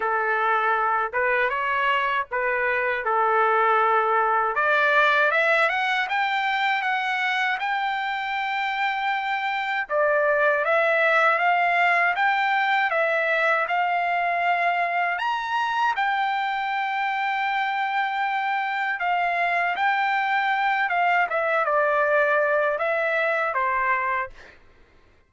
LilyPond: \new Staff \with { instrumentName = "trumpet" } { \time 4/4 \tempo 4 = 79 a'4. b'8 cis''4 b'4 | a'2 d''4 e''8 fis''8 | g''4 fis''4 g''2~ | g''4 d''4 e''4 f''4 |
g''4 e''4 f''2 | ais''4 g''2.~ | g''4 f''4 g''4. f''8 | e''8 d''4. e''4 c''4 | }